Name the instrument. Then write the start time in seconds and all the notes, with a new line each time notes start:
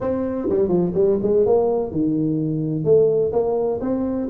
tuba
0.01 C4
0.49 G3
0.68 F3
0.94 G3
1.22 G#3
1.45 A#3
1.91 D#3
2.84 A3
3.32 A#3
3.81 C4